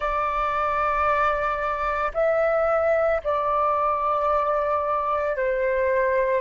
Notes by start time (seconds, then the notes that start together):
0.00 D5
2.14 E5
3.23 D5
5.36 C5